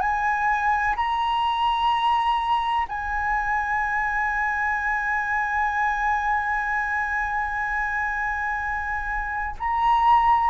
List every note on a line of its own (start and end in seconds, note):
0.00 0.95 G#5
0.96 2.86 A#5
2.88 9.55 G#5
9.59 10.50 A#5